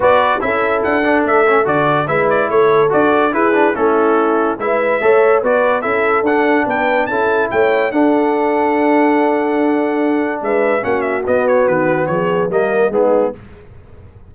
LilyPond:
<<
  \new Staff \with { instrumentName = "trumpet" } { \time 4/4 \tempo 4 = 144 d''4 e''4 fis''4 e''4 | d''4 e''8 d''8 cis''4 d''4 | b'4 a'2 e''4~ | e''4 d''4 e''4 fis''4 |
g''4 a''4 g''4 fis''4~ | fis''1~ | fis''4 e''4 fis''8 e''8 dis''8 cis''8 | b'4 cis''4 dis''4 gis'4 | }
  \new Staff \with { instrumentName = "horn" } { \time 4/4 b'4 a'2.~ | a'4 b'4 a'2 | gis'4 e'2 b'4 | cis''4 b'4 a'2 |
b'4 a'4 cis''4 a'4~ | a'1~ | a'4 b'4 fis'2~ | fis'4 gis'4 ais'4 dis'4 | }
  \new Staff \with { instrumentName = "trombone" } { \time 4/4 fis'4 e'4. d'4 cis'8 | fis'4 e'2 fis'4 | e'8 d'8 cis'2 e'4 | a'4 fis'4 e'4 d'4~ |
d'4 e'2 d'4~ | d'1~ | d'2 cis'4 b4~ | b2 ais4 b4 | }
  \new Staff \with { instrumentName = "tuba" } { \time 4/4 b4 cis'4 d'4 a4 | d4 gis4 a4 d'4 | e'4 a2 gis4 | a4 b4 cis'4 d'4 |
b4 cis'4 a4 d'4~ | d'1~ | d'4 gis4 ais4 b4 | dis4 f4 g4 gis4 | }
>>